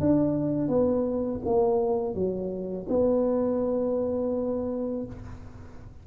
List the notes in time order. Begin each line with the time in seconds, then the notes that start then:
0.00 D4
0.68 B3
1.45 A#3
2.14 F#3
2.89 B3